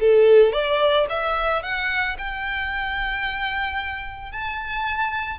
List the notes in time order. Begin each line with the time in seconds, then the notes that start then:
0.00 A4
0.53 D5
1.09 E5
1.63 F#5
2.18 G5
4.32 A5